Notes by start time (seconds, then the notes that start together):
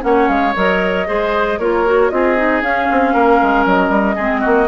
0.00 A#3 C#4 C#5 F#5
0.28 G#3 F5
0.55 F#3 A#4 D#5
1.06 G#3 G#4 C5
1.58 A#3 F4 A#4 C#5
1.86 F#4
2.09 C4 F4 G#4 D#5
2.37 D#4
2.61 C#4 F5
2.91 C4
3.13 A#3 A#4
3.42 G#3
3.65 F#3 D#5
3.89 G3
4.15 G#3 C4 G#4
4.40 A#3 F#4